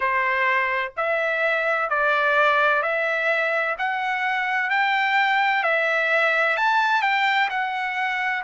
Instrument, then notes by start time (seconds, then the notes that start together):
trumpet
0.00 C5
0.96 E5
1.89 D5
2.82 E5
3.78 F#5
4.70 G5
5.62 E5
6.56 A5
7.01 G5
7.49 F#5